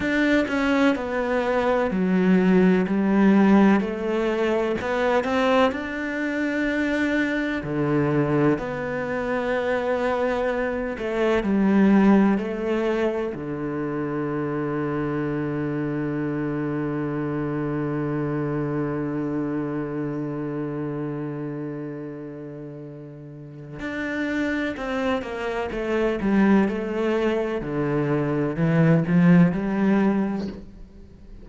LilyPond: \new Staff \with { instrumentName = "cello" } { \time 4/4 \tempo 4 = 63 d'8 cis'8 b4 fis4 g4 | a4 b8 c'8 d'2 | d4 b2~ b8 a8 | g4 a4 d2~ |
d1~ | d1~ | d4 d'4 c'8 ais8 a8 g8 | a4 d4 e8 f8 g4 | }